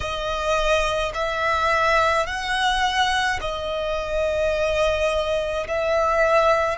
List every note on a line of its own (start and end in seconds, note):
0.00 1.12 D#5
1.14 2.26 E5
2.26 3.39 F#5
3.41 5.67 D#5
5.67 6.78 E5